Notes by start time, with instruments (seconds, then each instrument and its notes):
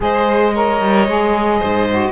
0.00 cello G#3, saxophone G#4, violin C5, clarinet D#5
0.53 saxophone A#4, violin C#5
0.80 cello G3
1.07 cello G#3, saxophone G#4
1.58 cello G#2, violin C5
1.90 saxophone F#4